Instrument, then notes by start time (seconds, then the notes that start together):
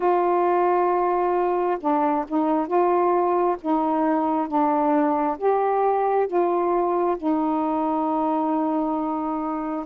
saxophone
0.00 F4
1.80 D4
2.28 D#4
2.67 F4
3.61 D#4
4.48 D4
5.38 G4
6.27 F4
7.16 D#4